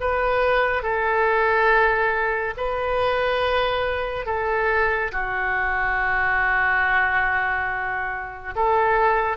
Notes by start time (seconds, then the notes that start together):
0.00 B4
0.83 A4
2.57 B4
4.25 A4
5.12 F#4
8.55 A4